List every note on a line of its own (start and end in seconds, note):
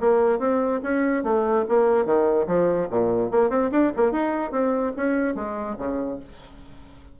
0.00 0.39 A#3
0.39 0.81 C4
0.83 1.24 C#4
1.24 1.65 A3
1.69 2.05 A#3
2.05 2.47 D#3
2.47 2.88 F3
2.90 3.31 A#2
3.31 3.50 A#3
3.50 3.71 C4
3.71 3.92 D4
3.97 4.12 A#3
4.12 4.51 D#4
4.51 4.93 C4
4.97 5.35 C#4
5.35 5.76 G#3
5.78 6.20 C#3